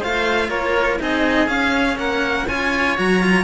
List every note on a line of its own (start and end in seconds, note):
0.00 0.50 A3
0.00 1.00 F4
0.00 0.49 C5
0.00 0.50 F5
0.50 1.00 A#3
0.50 0.99 A#4
0.50 0.99 C#5
1.00 1.48 C4
1.00 1.47 D#4
1.00 2.00 G#4
1.00 1.49 D#5
1.47 2.45 C#4
1.47 1.98 C#4
1.47 1.98 F5
1.98 2.47 A#3
1.98 2.48 A#4
1.98 2.48 F#5
2.48 2.98 C#4
2.48 2.98 F4
2.48 3.45 C#5
2.48 2.98 G#5
2.98 3.45 F#3
2.98 3.23 F#4
2.98 3.45 A#5
3.23 3.45 F4